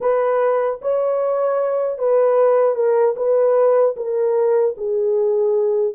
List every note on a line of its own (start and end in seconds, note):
0.00 0.79 B4
0.81 1.98 C#5
1.98 2.75 B4
2.75 3.14 A#4
3.16 3.95 B4
3.96 4.75 A#4
4.77 5.94 G#4